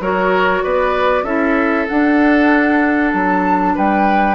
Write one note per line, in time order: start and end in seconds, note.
0.00 0.62 F#3
0.00 1.26 F#4
0.00 0.64 A#4
0.00 0.63 C#5
0.63 1.23 B3
0.63 1.25 B4
0.63 1.24 D5
1.23 1.86 C#4
1.23 1.88 E4
1.23 3.75 A4
1.23 1.87 E5
1.88 4.35 D4
1.88 3.14 D4
1.88 3.13 F#5
3.14 3.76 F#3
3.14 3.76 A5
3.75 4.35 G3
3.75 4.35 B4
3.75 4.35 G5